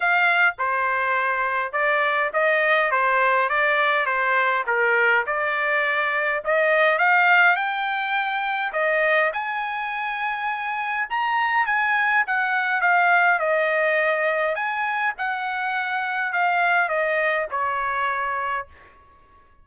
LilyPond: \new Staff \with { instrumentName = "trumpet" } { \time 4/4 \tempo 4 = 103 f''4 c''2 d''4 | dis''4 c''4 d''4 c''4 | ais'4 d''2 dis''4 | f''4 g''2 dis''4 |
gis''2. ais''4 | gis''4 fis''4 f''4 dis''4~ | dis''4 gis''4 fis''2 | f''4 dis''4 cis''2 | }